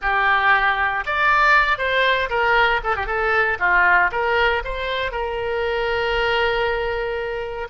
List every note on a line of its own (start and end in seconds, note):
0.01 1.04 G4
1.05 1.77 D5
1.77 2.29 C5
2.29 2.81 A#4
2.83 2.96 A4
2.96 3.06 G4
3.06 3.58 A4
3.59 4.10 F4
4.11 4.62 A#4
4.64 5.11 C5
5.11 7.68 A#4